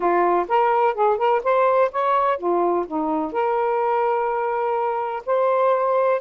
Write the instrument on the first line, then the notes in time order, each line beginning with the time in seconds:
saxophone
0.00 F4
0.48 A#4
0.94 G#4
1.17 A#4
1.43 C5
1.91 C#5
2.37 F4
2.86 D#4
3.32 A#4
5.26 C5